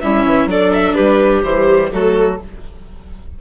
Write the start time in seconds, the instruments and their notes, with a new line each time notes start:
0.00 bassoon G3, viola C#4, clarinet E4, violin E5
0.25 bassoon E3
0.45 bassoon F#3, viola D4, clarinet A4, violin D5
0.74 violin E5
0.94 bassoon G3, clarinet G4, violin B4
1.43 bassoon E3, viola G3, violin C5
1.91 bassoon F#3, viola A3, clarinet F#4, violin A4